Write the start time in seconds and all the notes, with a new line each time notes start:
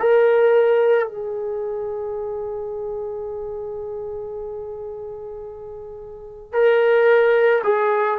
0.00 A#4
1.08 G#4
6.53 A#4
7.64 G#4